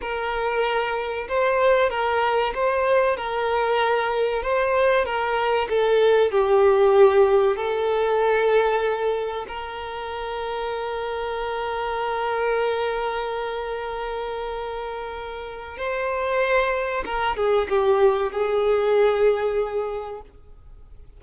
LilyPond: \new Staff \with { instrumentName = "violin" } { \time 4/4 \tempo 4 = 95 ais'2 c''4 ais'4 | c''4 ais'2 c''4 | ais'4 a'4 g'2 | a'2. ais'4~ |
ais'1~ | ais'1~ | ais'4 c''2 ais'8 gis'8 | g'4 gis'2. | }